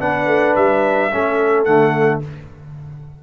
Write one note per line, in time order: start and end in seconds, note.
0.00 0.27 B3
0.00 1.11 D4
0.00 1.12 B4
0.00 0.56 F#5
0.27 0.55 A3
0.56 1.12 G3
0.56 1.65 E5
1.12 1.67 A3
1.12 1.67 C#4
1.12 2.23 A4
1.65 2.23 D3
1.65 2.22 A3
1.65 2.21 F#5